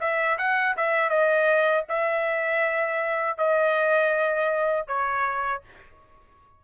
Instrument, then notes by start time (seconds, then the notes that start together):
trumpet
0.00 E5
0.38 F#5
0.76 E5
1.09 D#5
1.89 E5
3.38 D#5
4.87 C#5